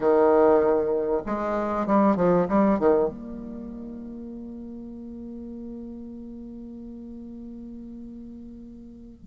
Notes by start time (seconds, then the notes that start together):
0.00 D#3
1.26 G#3
1.86 G3
2.16 F3
2.48 G3
2.79 D#3
3.08 A#3